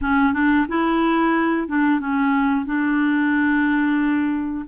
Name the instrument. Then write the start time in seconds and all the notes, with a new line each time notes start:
clarinet
0.01 C#4
0.33 D4
0.68 E4
1.68 D4
2.00 C#4
2.65 D4